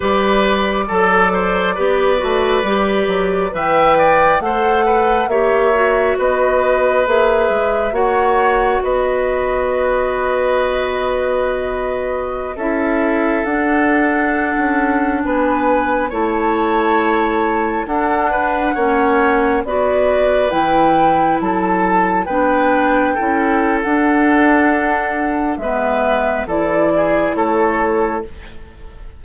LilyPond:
<<
  \new Staff \with { instrumentName = "flute" } { \time 4/4 \tempo 4 = 68 d''1 | g''4 fis''4 e''4 dis''4 | e''4 fis''4 dis''2~ | dis''2~ dis''16 e''4 fis''8.~ |
fis''4~ fis''16 gis''4 a''4.~ a''16~ | a''16 fis''2 d''4 g''8.~ | g''16 a''4 g''4.~ g''16 fis''4~ | fis''4 e''4 d''4 cis''4 | }
  \new Staff \with { instrumentName = "oboe" } { \time 4/4 b'4 a'8 c''8 b'2 | e''8 d''8 c''8 b'8 cis''4 b'4~ | b'4 cis''4 b'2~ | b'2~ b'16 a'4.~ a'16~ |
a'4~ a'16 b'4 cis''4.~ cis''16~ | cis''16 a'8 b'8 cis''4 b'4.~ b'16~ | b'16 a'4 b'4 a'4.~ a'16~ | a'4 b'4 a'8 gis'8 a'4 | }
  \new Staff \with { instrumentName = "clarinet" } { \time 4/4 g'4 a'4 g'8 fis'8 g'4 | b'4 a'4 g'8 fis'4. | gis'4 fis'2.~ | fis'2~ fis'16 e'4 d'8.~ |
d'2~ d'16 e'4.~ e'16~ | e'16 d'4 cis'4 fis'4 e'8.~ | e'4~ e'16 d'4 e'8. d'4~ | d'4 b4 e'2 | }
  \new Staff \with { instrumentName = "bassoon" } { \time 4/4 g4 fis4 b8 a8 g8 fis8 | e4 a4 ais4 b4 | ais8 gis8 ais4 b2~ | b2~ b16 cis'4 d'8.~ |
d'8 cis'8. b4 a4.~ a16~ | a16 d'4 ais4 b4 e8.~ | e16 fis4 b4 cis'8. d'4~ | d'4 gis4 e4 a4 | }
>>